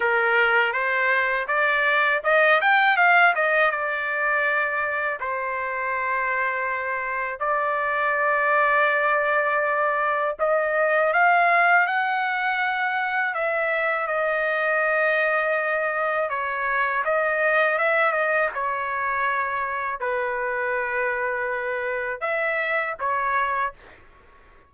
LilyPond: \new Staff \with { instrumentName = "trumpet" } { \time 4/4 \tempo 4 = 81 ais'4 c''4 d''4 dis''8 g''8 | f''8 dis''8 d''2 c''4~ | c''2 d''2~ | d''2 dis''4 f''4 |
fis''2 e''4 dis''4~ | dis''2 cis''4 dis''4 | e''8 dis''8 cis''2 b'4~ | b'2 e''4 cis''4 | }